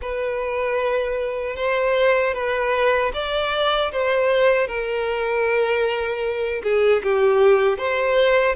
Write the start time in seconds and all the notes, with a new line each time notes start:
0.01 B4
1.56 C5
2.34 B4
3.13 D5
3.92 C5
4.67 A#4
6.63 G#4
7.03 G4
7.77 C5